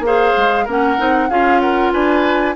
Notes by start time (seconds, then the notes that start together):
0.00 A#3 G#4 C5 F5
0.37 G#3
0.65 A#3 C#4 A#4 F#5
0.98 C4 D#4
1.30 C#4 F4 G#4 F5
1.61 A#4 F#5
1.93 D4 B4 G#5